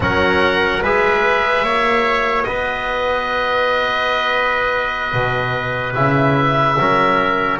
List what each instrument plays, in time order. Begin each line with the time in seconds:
0.00 double bass F#3, trombone C#4, trumpet A#4, oboe F#5
0.82 double bass G#3, trombone G#4, trumpet B4, oboe E5
1.62 double bass A#3, trombone F#4, trumpet C#5
2.43 double bass B3, trumpet B4, oboe D#5
5.13 double bass B2
5.94 double bass C#3, trombone E4, oboe E5
6.78 double bass F#3, trombone C#4, trumpet A#4